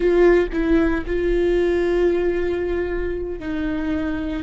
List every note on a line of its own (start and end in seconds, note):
0.00 0.48 F4
0.52 1.04 E4
1.06 3.39 F4
3.39 4.43 D#4